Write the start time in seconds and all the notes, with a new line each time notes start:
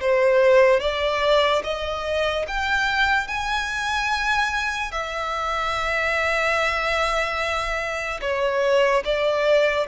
0.00 C5
0.80 D5
1.64 D#5
2.47 G5
3.27 G#5
4.91 E5
8.21 C#5
9.04 D5